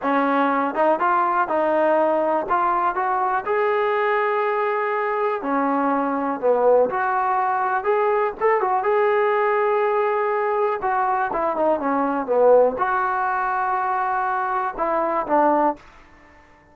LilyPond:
\new Staff \with { instrumentName = "trombone" } { \time 4/4 \tempo 4 = 122 cis'4. dis'8 f'4 dis'4~ | dis'4 f'4 fis'4 gis'4~ | gis'2. cis'4~ | cis'4 b4 fis'2 |
gis'4 a'8 fis'8 gis'2~ | gis'2 fis'4 e'8 dis'8 | cis'4 b4 fis'2~ | fis'2 e'4 d'4 | }